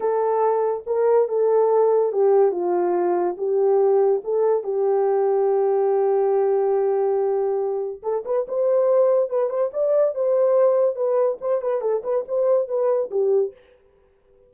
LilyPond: \new Staff \with { instrumentName = "horn" } { \time 4/4 \tempo 4 = 142 a'2 ais'4 a'4~ | a'4 g'4 f'2 | g'2 a'4 g'4~ | g'1~ |
g'2. a'8 b'8 | c''2 b'8 c''8 d''4 | c''2 b'4 c''8 b'8 | a'8 b'8 c''4 b'4 g'4 | }